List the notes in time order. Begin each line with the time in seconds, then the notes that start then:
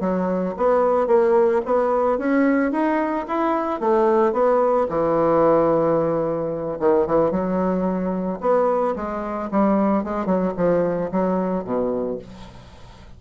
0.00 F#3
0.57 B3
1.07 A#3
1.65 B3
2.18 C#4
2.72 D#4
3.28 E4
3.80 A3
4.32 B3
4.89 E3
6.79 D#3
7.06 E3
7.31 F#3
8.41 B3
8.96 G#3
9.51 G3
10.03 G#3
10.26 F#3
10.57 F3
11.11 F#3
11.64 B2